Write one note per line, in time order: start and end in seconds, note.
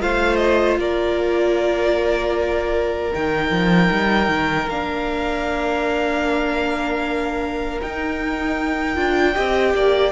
0.00 0.77 A3
0.00 3.12 F4
0.00 0.80 C5
0.00 0.36 F5
0.36 0.75 D#5
0.77 3.11 A#3
0.77 9.34 A#4
0.77 3.13 D5
3.13 3.51 D#3
3.13 4.69 D#4
3.13 4.69 G5
3.51 3.90 F3
3.91 4.28 G3
4.28 4.67 D#3
4.69 7.80 A#3
4.69 7.81 D4
4.69 7.81 F5
7.81 8.96 D#4
7.81 8.97 D#4
7.81 10.12 G5
8.96 9.36 D4
8.96 9.34 F4
9.34 9.74 C4
9.34 10.12 G4
9.34 9.73 D#5
9.74 10.12 A#3
9.74 10.12 D5